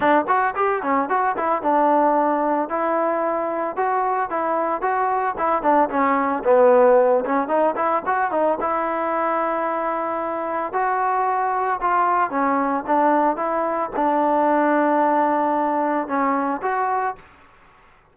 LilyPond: \new Staff \with { instrumentName = "trombone" } { \time 4/4 \tempo 4 = 112 d'8 fis'8 g'8 cis'8 fis'8 e'8 d'4~ | d'4 e'2 fis'4 | e'4 fis'4 e'8 d'8 cis'4 | b4. cis'8 dis'8 e'8 fis'8 dis'8 |
e'1 | fis'2 f'4 cis'4 | d'4 e'4 d'2~ | d'2 cis'4 fis'4 | }